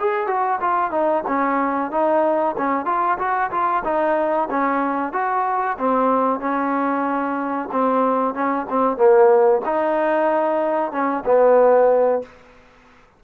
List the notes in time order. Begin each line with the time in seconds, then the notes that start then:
0.00 G#4
0.28 F#4
0.61 F4
0.91 D#4
1.28 C#4
1.91 D#4
2.58 C#4
2.86 F4
3.19 F#4
3.51 F4
3.85 D#4
4.50 C#4
5.13 F#4
5.79 C4
6.40 C#4
7.72 C4
8.34 C#4
8.70 C4
8.97 A#3
9.66 D#4
10.92 C#4
11.26 B3